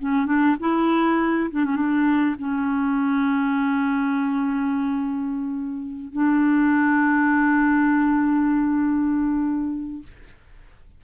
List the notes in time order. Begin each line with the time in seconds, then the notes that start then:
0.00 C#4
0.26 D4
0.60 E4
1.51 D4
1.65 C#4
1.76 D4
2.39 C#4
6.13 D4